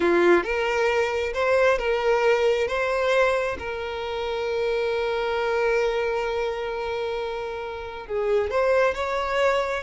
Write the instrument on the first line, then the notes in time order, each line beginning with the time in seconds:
violin
0.00 F4
0.43 A#4
1.33 C5
1.78 A#4
2.67 C5
3.59 A#4
8.06 G#4
8.50 C5
8.94 C#5